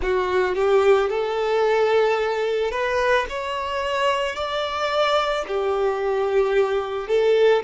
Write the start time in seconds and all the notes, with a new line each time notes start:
0.01 F#4
0.55 G4
1.09 A4
2.71 B4
3.29 C#5
4.35 D5
5.47 G4
7.08 A4